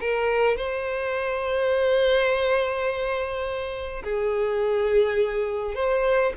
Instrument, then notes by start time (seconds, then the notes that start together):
violin
0.00 A#4
0.56 C5
4.03 G#4
5.75 C5